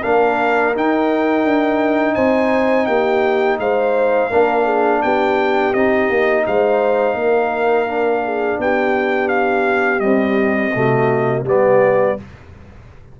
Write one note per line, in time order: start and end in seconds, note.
0.00 0.75 A#3
0.00 0.74 D4
0.00 2.14 A#4
0.00 0.74 F5
0.75 4.31 D#4
0.75 1.44 D#4
0.75 2.14 G5
1.44 2.16 D4
2.14 2.87 C4
2.14 2.86 C5
2.14 2.86 G#5
2.86 3.58 A#3
2.86 3.59 G4
2.86 3.57 G5
3.58 4.29 G#3
3.58 4.29 C5
3.58 5.02 F5
4.29 5.02 A#3
4.29 5.74 D4
4.29 4.64 A#4
4.64 5.00 G#4
5.02 5.74 B3
5.02 6.46 G4
5.02 5.73 G5
5.73 6.09 C4
5.73 7.87 D#4
5.73 6.44 D#5
6.09 6.45 A#3
6.46 7.14 G#3
6.46 7.16 C5
6.46 8.60 F5
7.14 8.57 A#3
7.14 8.23 A#4
7.87 9.99 D4
8.24 8.59 G#4
8.58 10.01 B3
8.58 10.75 G4
8.58 9.28 G5
9.28 9.99 F5
9.99 10.70 G3
9.99 10.75 C4
9.99 11.42 D#5
10.74 11.42 C3
10.74 11.45 A3
10.74 11.46 F#4
11.42 12.14 G3
11.42 12.17 B3
11.42 12.18 G4
11.42 12.19 D5